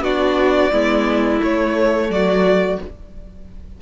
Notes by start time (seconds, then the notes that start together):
0.00 B3 D4 F#4 D5
0.72 G#3 B3 E4
1.40 A3 C#5
2.09 F#3 F#4 D5